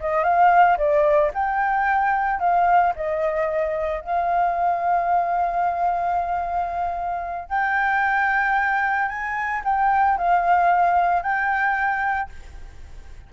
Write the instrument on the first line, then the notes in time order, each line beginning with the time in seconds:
flute
0.00 D#5
0.23 F5
0.77 D5
1.34 G5
2.39 F5
2.95 D#5
4.01 F5
7.48 G5
9.08 G#5
9.64 G5
10.17 F5
11.22 G5